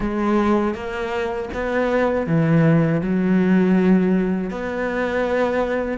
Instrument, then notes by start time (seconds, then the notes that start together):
cello
0.00 G#3
0.74 A#3
1.53 B3
2.27 E3
3.01 F#3
4.50 B3